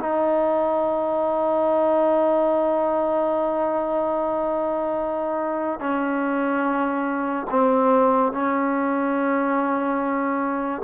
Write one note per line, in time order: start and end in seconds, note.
0.00 5.80 D#4
5.80 7.47 C#4
7.50 8.32 C4
8.32 10.82 C#4